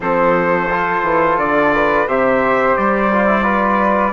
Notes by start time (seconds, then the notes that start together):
0.00 F3 C4 A4 C5
0.71 F4
1.03 E3
1.37 D3 D5
1.73 B4
2.06 C3 G4 C5 E5
2.76 G3 D5
3.11 F4
3.27 E4
3.43 F4 B4